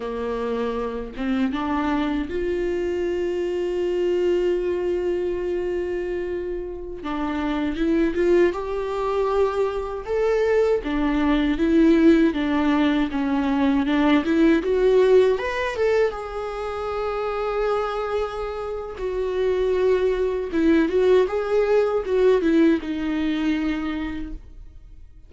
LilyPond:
\new Staff \with { instrumentName = "viola" } { \time 4/4 \tempo 4 = 79 ais4. c'8 d'4 f'4~ | f'1~ | f'4~ f'16 d'4 e'8 f'8 g'8.~ | g'4~ g'16 a'4 d'4 e'8.~ |
e'16 d'4 cis'4 d'8 e'8 fis'8.~ | fis'16 b'8 a'8 gis'2~ gis'8.~ | gis'4 fis'2 e'8 fis'8 | gis'4 fis'8 e'8 dis'2 | }